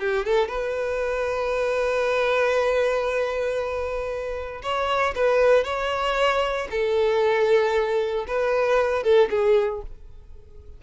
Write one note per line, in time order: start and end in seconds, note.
0.00 0.26 G4
0.26 0.49 A4
0.49 4.62 B4
4.63 5.15 C#5
5.16 5.65 B4
5.65 6.68 C#5
6.71 8.26 A4
8.28 9.04 B4
9.04 9.30 A4
9.31 9.83 G#4